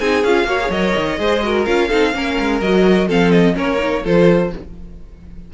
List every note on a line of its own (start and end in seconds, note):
0.00 0.24 C4
0.00 0.25 D#4
0.00 0.47 G#4
0.00 0.24 G#5
0.24 0.45 C#4
0.24 0.48 F4
0.24 0.71 F5
0.45 0.68 A#3
0.45 0.60 F#4
0.45 1.19 C#5
0.61 0.71 G#4
0.70 0.94 F#3
0.70 1.18 A#4
0.70 1.65 D#5
0.96 1.19 D#3
1.18 1.66 G#3
1.18 1.42 G#4
1.18 1.44 C5
1.42 1.66 F#4
1.42 1.88 A#4
1.65 1.90 C#4
1.65 1.89 F4
1.65 2.60 F5
1.88 2.14 C4
1.88 2.13 D#4
1.88 2.12 A4
2.13 2.38 A#3
2.13 2.61 C#4
2.13 3.07 A#4
2.40 2.61 G#3
2.61 3.08 F#3
2.61 3.08 F#4
2.61 3.09 D#5
3.07 3.56 F3
3.07 3.54 C4
3.07 3.55 A4
3.07 3.31 F5
3.31 3.55 D#5
3.54 4.05 A#3
3.54 3.78 C#4
3.54 4.03 A#4
3.54 4.06 C#5
3.78 4.02 D#4
4.04 4.53 F3
4.04 4.53 F4
4.04 4.51 A4
4.04 4.54 C5